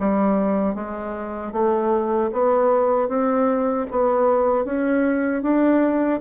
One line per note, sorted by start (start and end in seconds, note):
0.00 0.75 G3
0.75 1.53 G#3
1.53 2.31 A3
2.33 3.09 B3
3.09 3.87 C4
3.91 4.65 B3
4.65 5.43 C#4
5.43 6.21 D4